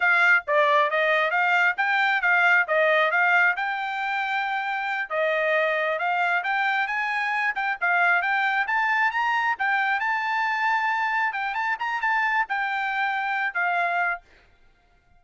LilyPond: \new Staff \with { instrumentName = "trumpet" } { \time 4/4 \tempo 4 = 135 f''4 d''4 dis''4 f''4 | g''4 f''4 dis''4 f''4 | g''2.~ g''8 dis''8~ | dis''4. f''4 g''4 gis''8~ |
gis''4 g''8 f''4 g''4 a''8~ | a''8 ais''4 g''4 a''4.~ | a''4. g''8 a''8 ais''8 a''4 | g''2~ g''8 f''4. | }